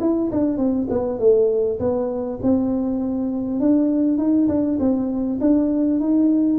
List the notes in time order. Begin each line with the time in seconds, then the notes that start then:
0.00 E4
0.31 D4
0.58 C4
0.90 B3
1.19 A3
1.79 B3
2.42 C4
3.60 D4
4.18 D#4
4.48 D4
4.79 C4
5.41 D4
6.00 D#4